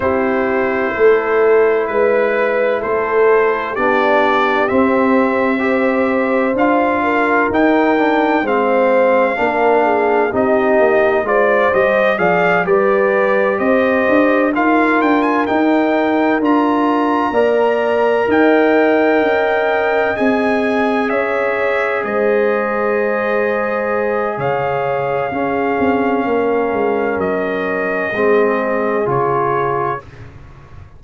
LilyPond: <<
  \new Staff \with { instrumentName = "trumpet" } { \time 4/4 \tempo 4 = 64 c''2 b'4 c''4 | d''4 e''2 f''4 | g''4 f''2 dis''4 | d''8 dis''8 f''8 d''4 dis''4 f''8 |
g''16 gis''16 g''4 ais''2 g''8~ | g''4. gis''4 e''4 dis''8~ | dis''2 f''2~ | f''4 dis''2 cis''4 | }
  \new Staff \with { instrumentName = "horn" } { \time 4/4 g'4 a'4 b'4 a'4 | g'2 c''4. ais'8~ | ais'4 c''4 ais'8 gis'8 g'4 | c''4 d''8 b'4 c''4 ais'8~ |
ais'2~ ais'8 d''4 dis''8~ | dis''2~ dis''8 cis''4 c''8~ | c''2 cis''4 gis'4 | ais'2 gis'2 | }
  \new Staff \with { instrumentName = "trombone" } { \time 4/4 e'1 | d'4 c'4 g'4 f'4 | dis'8 d'8 c'4 d'4 dis'4 | f'8 g'8 gis'8 g'2 f'8~ |
f'8 dis'4 f'4 ais'4.~ | ais'4. gis'2~ gis'8~ | gis'2. cis'4~ | cis'2 c'4 f'4 | }
  \new Staff \with { instrumentName = "tuba" } { \time 4/4 c'4 a4 gis4 a4 | b4 c'2 d'4 | dis'4 gis4 ais4 c'8 ais8 | gis8 g8 f8 g4 c'8 d'8 dis'8 |
d'8 dis'4 d'4 ais4 dis'8~ | dis'8 cis'4 c'4 cis'4 gis8~ | gis2 cis4 cis'8 c'8 | ais8 gis8 fis4 gis4 cis4 | }
>>